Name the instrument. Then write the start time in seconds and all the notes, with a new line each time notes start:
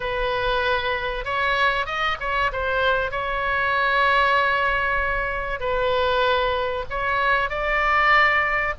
oboe
0.00 B4
1.24 C#5
1.86 D#5
2.20 C#5
2.52 C5
3.11 C#5
5.60 B4
6.89 C#5
7.49 D5